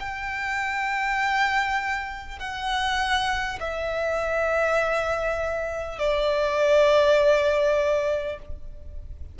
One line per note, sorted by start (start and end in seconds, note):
0.00 2.39 G5
2.39 3.59 F#5
3.60 5.98 E5
5.98 8.38 D5